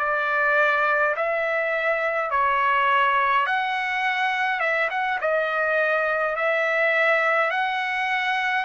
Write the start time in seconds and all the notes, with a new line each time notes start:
0.00 D5
1.16 E5
2.31 C#5
3.47 F#5
4.60 E5
4.90 F#5
5.21 D#5
6.36 E5
7.51 F#5